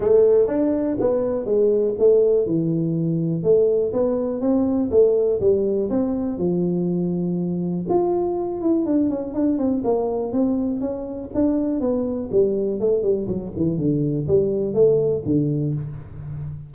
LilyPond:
\new Staff \with { instrumentName = "tuba" } { \time 4/4 \tempo 4 = 122 a4 d'4 b4 gis4 | a4 e2 a4 | b4 c'4 a4 g4 | c'4 f2. |
f'4. e'8 d'8 cis'8 d'8 c'8 | ais4 c'4 cis'4 d'4 | b4 g4 a8 g8 fis8 e8 | d4 g4 a4 d4 | }